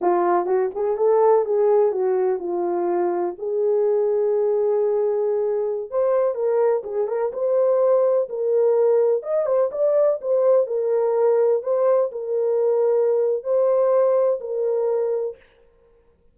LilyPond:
\new Staff \with { instrumentName = "horn" } { \time 4/4 \tempo 4 = 125 f'4 fis'8 gis'8 a'4 gis'4 | fis'4 f'2 gis'4~ | gis'1~ | gis'16 c''4 ais'4 gis'8 ais'8 c''8.~ |
c''4~ c''16 ais'2 dis''8 c''16~ | c''16 d''4 c''4 ais'4.~ ais'16~ | ais'16 c''4 ais'2~ ais'8. | c''2 ais'2 | }